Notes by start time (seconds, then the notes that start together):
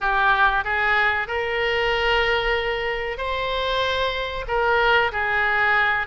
0.00 G4
0.64 G#4
1.27 A#4
3.17 C5
4.47 A#4
5.12 G#4